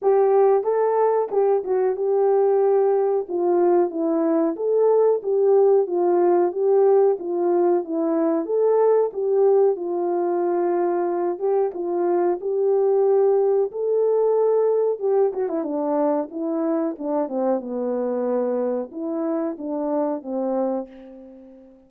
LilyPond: \new Staff \with { instrumentName = "horn" } { \time 4/4 \tempo 4 = 92 g'4 a'4 g'8 fis'8 g'4~ | g'4 f'4 e'4 a'4 | g'4 f'4 g'4 f'4 | e'4 a'4 g'4 f'4~ |
f'4. g'8 f'4 g'4~ | g'4 a'2 g'8 fis'16 e'16 | d'4 e'4 d'8 c'8 b4~ | b4 e'4 d'4 c'4 | }